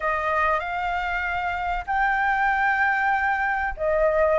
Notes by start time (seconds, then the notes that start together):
0.00 D#5
0.59 F5
1.86 G5
3.76 D#5